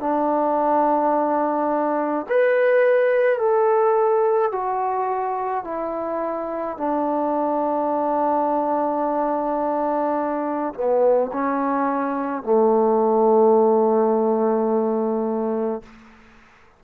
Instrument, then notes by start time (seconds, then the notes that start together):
trombone
0.00 D4
2.29 B4
3.39 A4
4.52 F#4
5.64 E4
6.78 D4
10.74 B3
11.33 C#4
12.43 A3